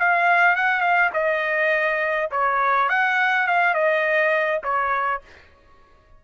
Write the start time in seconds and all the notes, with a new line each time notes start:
0.00 F5
0.56 F#5
0.81 F5
1.14 D#5
2.31 C#5
2.89 F#5
3.47 F5
3.74 D#5
4.64 C#5